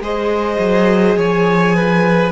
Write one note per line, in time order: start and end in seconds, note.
0.00 0.58 G#3
0.00 2.31 G#4
0.00 1.17 C5
0.00 1.19 D#5
0.58 1.16 F#3
1.17 2.31 F3
1.17 1.75 C#5
1.17 2.31 G#5
1.75 2.31 B4